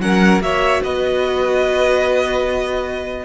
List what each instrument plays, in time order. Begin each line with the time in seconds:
0.00 cello F#3, viola C#4, violin A#4 F#5
0.40 cello A#3, viola F#4, violin C#5 E5
0.82 cello B3, violin B4 D#5